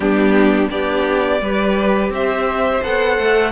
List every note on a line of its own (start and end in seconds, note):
0.00 0.69 G3
0.00 0.69 B3
0.00 0.70 D4
0.00 0.68 G4
0.69 1.41 B3
0.69 1.40 D4
0.69 1.40 G4
0.69 2.11 D5
1.41 2.09 G3
1.41 2.83 G4
1.41 2.11 B4
2.09 2.80 C4
2.09 3.52 C5
2.09 2.83 E5
2.83 3.18 B3
2.83 3.52 A4
2.83 3.52 F#5
3.18 3.52 A3